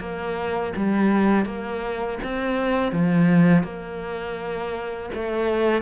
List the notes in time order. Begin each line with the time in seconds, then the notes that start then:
0.00 A#3
0.76 G3
1.46 A#3
2.23 C4
2.92 F3
3.64 A#3
5.14 A3